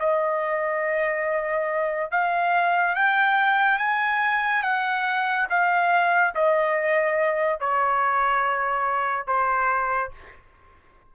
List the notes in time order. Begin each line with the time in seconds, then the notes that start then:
0.00 D#5
2.12 F5
2.96 G5
3.79 G#5
4.63 F#5
5.50 F5
6.35 D#5
7.60 C#5
9.27 C5